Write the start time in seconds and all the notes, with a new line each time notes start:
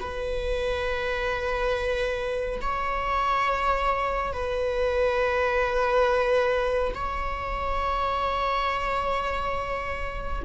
0.00 B4
2.62 C#5
4.33 B4
6.95 C#5